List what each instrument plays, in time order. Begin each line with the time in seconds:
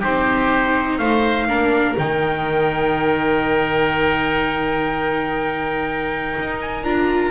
0.00 double bass C4, viola D#4, oboe G4, trumpet C5
0.98 double bass A3, oboe C5, trumpet F5
1.47 double bass A#3, viola D4, oboe A#4
1.97 double bass D#3, viola D#4, trumpet G5
6.39 double bass D#4
6.61 trumpet G#5
6.84 double bass D4, viola F4, trumpet A#5